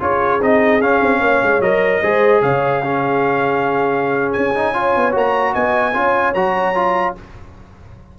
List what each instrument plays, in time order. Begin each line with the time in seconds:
0.00 tuba C#4, trombone F4, horn G#4, trumpet C#5
0.41 tuba C4, trombone D#4, trumpet D#5
0.80 tuba C#4, trombone C#4, trumpet F5
1.02 tuba C4
1.21 tuba A#3, horn C#5
1.43 tuba G#3
1.60 tuba F#3, trombone A#4, trumpet D#5
2.02 tuba G#3, trombone G#4, horn C5
2.42 tuba C#3, horn C#5, trumpet F5
2.83 trombone C#4, horn G#4
4.33 tuba C#4, trumpet G#5
4.55 trombone D#4
4.74 trombone F4, horn C#5
4.96 tuba B3
5.12 tuba A#3, trombone F#4, trumpet A#5
5.54 tuba B3, horn D#5, trumpet G#5
5.94 tuba C#4, trombone F4, horn C#5
6.34 tuba F#3, trombone F#4, trumpet A#5
6.75 trombone F4